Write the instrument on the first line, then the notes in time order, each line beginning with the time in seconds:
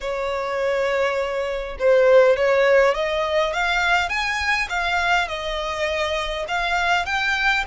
violin
0.00 C#5
1.79 C5
2.36 C#5
2.94 D#5
3.53 F5
4.09 G#5
4.69 F5
5.28 D#5
6.48 F5
7.05 G5